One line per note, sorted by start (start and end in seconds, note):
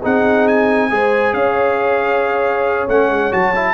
0.00 0.91 C4
0.00 0.90 D#4
0.00 0.88 G#4
0.00 0.48 F#5
0.48 1.34 G#5
0.90 1.33 G#3
0.90 2.89 G#4
0.90 1.35 C5
1.33 2.88 C#4
1.33 3.74 C#5
1.33 2.88 F5
2.88 3.10 A3
2.88 3.31 C#4
2.88 3.33 F#5
3.10 3.32 G#3
3.31 3.74 F#3
3.31 3.53 F#4
3.31 3.74 A5
3.55 3.74 E4